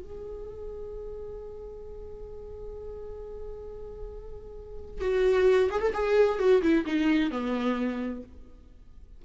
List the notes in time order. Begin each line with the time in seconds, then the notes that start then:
0.00 G#4
5.01 F#4
5.71 G#4
5.81 A4
5.94 G#4
6.39 F#4
6.62 E4
6.86 D#4
7.31 B3